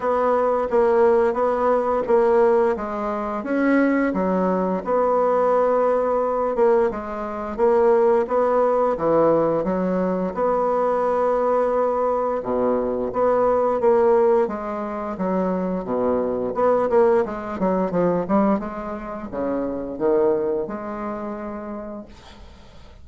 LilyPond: \new Staff \with { instrumentName = "bassoon" } { \time 4/4 \tempo 4 = 87 b4 ais4 b4 ais4 | gis4 cis'4 fis4 b4~ | b4. ais8 gis4 ais4 | b4 e4 fis4 b4~ |
b2 b,4 b4 | ais4 gis4 fis4 b,4 | b8 ais8 gis8 fis8 f8 g8 gis4 | cis4 dis4 gis2 | }